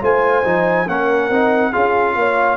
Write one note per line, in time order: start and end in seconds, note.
0.00 0.44 A3
0.00 0.43 F4
0.00 0.88 C5
0.00 0.88 G#5
0.44 0.87 F3
0.44 0.86 D#4
0.87 1.29 A#3
0.87 1.31 C#4
0.87 1.72 A#4
0.87 1.73 F#5
1.30 1.72 C4
1.30 1.72 D#4
1.72 2.16 C#4
1.72 2.57 F4
1.72 2.14 G#4
1.72 2.57 F5
2.16 2.57 A#3
2.16 2.57 C#5